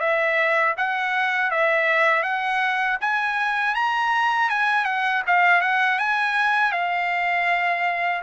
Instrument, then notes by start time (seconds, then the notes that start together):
trumpet
0.00 E5
0.77 F#5
1.51 E5
2.23 F#5
3.01 G#5
3.75 A#5
4.49 G#5
4.85 F#5
5.27 F5
5.61 F#5
5.99 G#5
6.72 F5